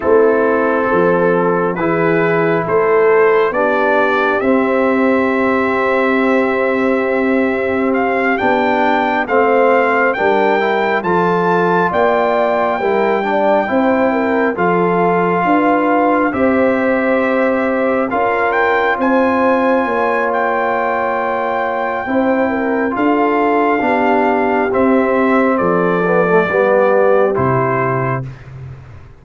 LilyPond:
<<
  \new Staff \with { instrumentName = "trumpet" } { \time 4/4 \tempo 4 = 68 a'2 b'4 c''4 | d''4 e''2.~ | e''4 f''8 g''4 f''4 g''8~ | g''8 a''4 g''2~ g''8~ |
g''8 f''2 e''4.~ | e''8 f''8 g''8 gis''4. g''4~ | g''2 f''2 | e''4 d''2 c''4 | }
  \new Staff \with { instrumentName = "horn" } { \time 4/4 e'4 a'4 gis'4 a'4 | g'1~ | g'2~ g'8 c''4 ais'8~ | ais'8 a'4 d''4 ais'8 d''8 c''8 |
ais'8 a'4 b'4 c''4.~ | c''8 ais'4 c''4 cis''4.~ | cis''4 c''8 ais'8 a'4 g'4~ | g'4 a'4 g'2 | }
  \new Staff \with { instrumentName = "trombone" } { \time 4/4 c'2 e'2 | d'4 c'2.~ | c'4. d'4 c'4 d'8 | e'8 f'2 e'8 d'8 e'8~ |
e'8 f'2 g'4.~ | g'8 f'2.~ f'8~ | f'4 e'4 f'4 d'4 | c'4. b16 a16 b4 e'4 | }
  \new Staff \with { instrumentName = "tuba" } { \time 4/4 a4 f4 e4 a4 | b4 c'2.~ | c'4. b4 a4 g8~ | g8 f4 ais4 g4 c'8~ |
c'8 f4 d'4 c'4.~ | c'8 cis'4 c'4 ais4.~ | ais4 c'4 d'4 b4 | c'4 f4 g4 c4 | }
>>